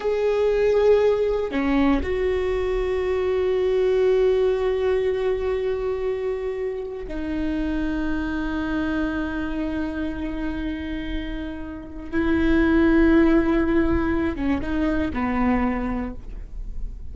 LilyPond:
\new Staff \with { instrumentName = "viola" } { \time 4/4 \tempo 4 = 119 gis'2. cis'4 | fis'1~ | fis'1~ | fis'2 dis'2~ |
dis'1~ | dis'1 | e'1~ | e'8 cis'8 dis'4 b2 | }